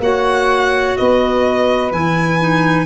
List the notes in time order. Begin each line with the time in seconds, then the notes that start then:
0.00 A#3 F#4 C#5 F#5
0.97 B3 B4 D#5
1.92 E3 E4 G#5
2.40 D#4